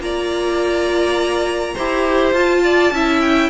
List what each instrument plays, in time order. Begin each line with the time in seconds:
0.00 cello A#3, viola F4, violin D5 A#5
1.75 cello E4, viola G4, violin C5
2.33 cello F4, viola F4, violin A5
2.64 violin D5
2.91 cello C#4, viola E4, violin E5
3.21 violin G5